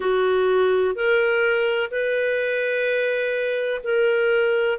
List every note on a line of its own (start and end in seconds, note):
0.00 0.95 F#4
0.95 1.90 A#4
1.90 3.81 B4
3.83 4.78 A#4